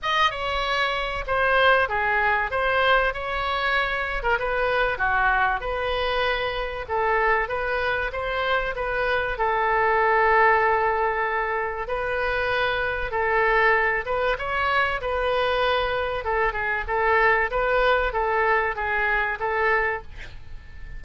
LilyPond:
\new Staff \with { instrumentName = "oboe" } { \time 4/4 \tempo 4 = 96 dis''8 cis''4. c''4 gis'4 | c''4 cis''4.~ cis''16 ais'16 b'4 | fis'4 b'2 a'4 | b'4 c''4 b'4 a'4~ |
a'2. b'4~ | b'4 a'4. b'8 cis''4 | b'2 a'8 gis'8 a'4 | b'4 a'4 gis'4 a'4 | }